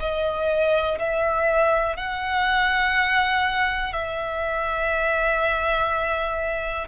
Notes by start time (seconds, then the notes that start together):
0.00 D#5
0.99 E5
1.97 F#5
3.93 E5